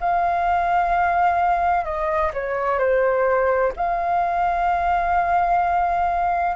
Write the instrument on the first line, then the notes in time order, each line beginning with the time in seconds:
flute
0.00 F5
1.84 D#5
2.33 C#5
2.78 C5
3.76 F5